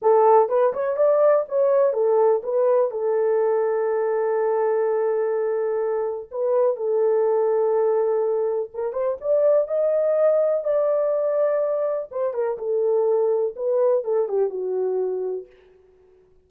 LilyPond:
\new Staff \with { instrumentName = "horn" } { \time 4/4 \tempo 4 = 124 a'4 b'8 cis''8 d''4 cis''4 | a'4 b'4 a'2~ | a'1~ | a'4 b'4 a'2~ |
a'2 ais'8 c''8 d''4 | dis''2 d''2~ | d''4 c''8 ais'8 a'2 | b'4 a'8 g'8 fis'2 | }